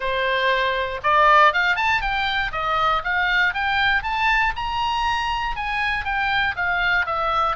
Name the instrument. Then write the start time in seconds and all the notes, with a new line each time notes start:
oboe
0.00 C5
1.03 D5
1.53 F5
1.76 A5
2.01 G5
2.52 D#5
3.04 F5
3.54 G5
4.02 A5
4.55 A#5
5.56 G#5
6.04 G5
6.55 F5
7.06 E5